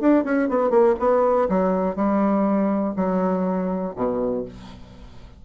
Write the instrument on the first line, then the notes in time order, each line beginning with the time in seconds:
bassoon
0.00 D4
0.24 C#4
0.49 B3
0.70 A#3
0.99 B3
1.49 F#3
1.96 G3
2.96 F#3
3.96 B2